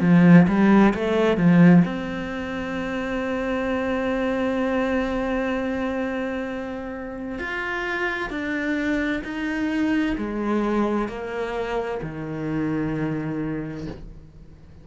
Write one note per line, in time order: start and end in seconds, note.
0.00 0.46 F3
0.47 0.94 G3
0.94 1.37 A3
1.37 1.83 F3
1.85 7.38 C4
7.38 8.30 F4
8.30 9.22 D4
9.24 10.16 D#4
10.17 11.08 G#3
11.08 12.00 A#3
12.02 13.87 D#3